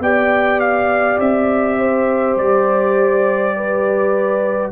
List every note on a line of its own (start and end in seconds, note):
0.00 1.18 B3
0.00 4.72 G4
0.00 1.80 D5
0.00 0.60 G5
0.60 1.19 F5
1.19 2.36 C4
1.19 2.38 E5
1.80 3.56 C5
2.36 4.72 G3
2.36 4.72 D5
3.57 4.72 B4